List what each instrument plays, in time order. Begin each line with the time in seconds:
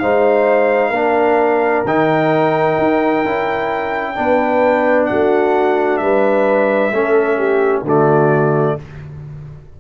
0.00 tuba G#3, trombone D#4, horn C5, trumpet F5
0.90 tuba A#3, trombone D4, horn A#4
1.85 tuba D#3, trombone D#4, trumpet G5
2.79 tuba D#4
3.25 tuba C#4, trombone E4
4.16 tuba B3, trombone D4, horn B4
5.06 tuba A3, horn F#4, trumpet F#5
5.97 tuba G3, horn B4, trumpet E5
6.92 tuba A3, trombone C#4, horn A4
7.38 horn G4
7.83 tuba D3, trombone A3, horn F#4, trumpet D5